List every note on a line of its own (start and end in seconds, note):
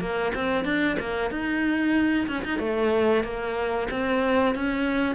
0.00 0.32 A#3
0.35 0.65 C4
0.65 0.97 D4
0.99 1.30 A#3
1.30 2.27 D#4
2.28 2.44 C#4
2.45 2.59 D#4
2.59 3.24 A3
3.24 3.88 A#3
3.91 4.55 C4
4.55 5.15 C#4